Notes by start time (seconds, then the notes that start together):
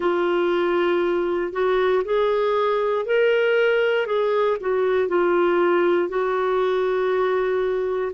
0.00 F4
1.52 F#4
2.04 G#4
3.05 A#4
4.06 G#4
4.60 F#4
5.08 F4
6.08 F#4